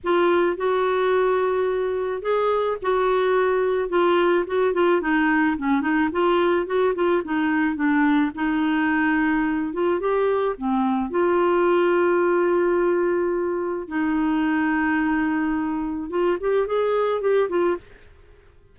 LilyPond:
\new Staff \with { instrumentName = "clarinet" } { \time 4/4 \tempo 4 = 108 f'4 fis'2. | gis'4 fis'2 f'4 | fis'8 f'8 dis'4 cis'8 dis'8 f'4 | fis'8 f'8 dis'4 d'4 dis'4~ |
dis'4. f'8 g'4 c'4 | f'1~ | f'4 dis'2.~ | dis'4 f'8 g'8 gis'4 g'8 f'8 | }